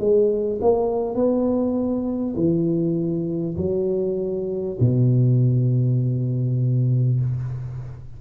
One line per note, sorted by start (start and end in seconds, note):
0.00 0.60 G#3
0.62 1.16 A#3
1.16 2.36 B3
2.36 3.56 E3
3.58 4.78 F#3
4.81 7.21 B2